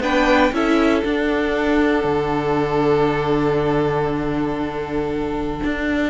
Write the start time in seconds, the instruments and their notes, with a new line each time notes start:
0.00 cello B3, viola D4, violin B4 G5
0.52 cello C#4, viola E4, violin A4 E5
1.04 cello D4, viola D4, violin F#5
2.04 cello D3
5.64 cello D4